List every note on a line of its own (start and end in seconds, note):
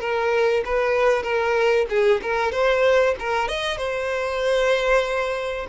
0.00 0.63 A#4
0.65 1.23 B4
1.23 1.86 A#4
1.89 2.21 G#4
2.22 2.51 A#4
2.51 3.15 C5
3.20 3.48 A#4
3.48 3.77 D#5
3.77 5.67 C5